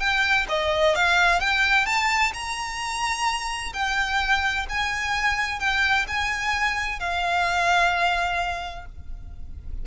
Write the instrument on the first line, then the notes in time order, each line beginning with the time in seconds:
violin
0.00 G5
0.49 D#5
0.96 F5
1.40 G5
1.86 A5
2.34 A#5
3.74 G5
4.70 G#5
5.60 G5
6.08 G#5
7.00 F5